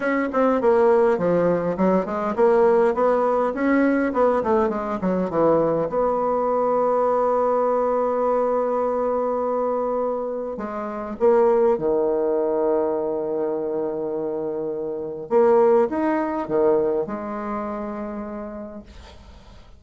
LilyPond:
\new Staff \with { instrumentName = "bassoon" } { \time 4/4 \tempo 4 = 102 cis'8 c'8 ais4 f4 fis8 gis8 | ais4 b4 cis'4 b8 a8 | gis8 fis8 e4 b2~ | b1~ |
b2 gis4 ais4 | dis1~ | dis2 ais4 dis'4 | dis4 gis2. | }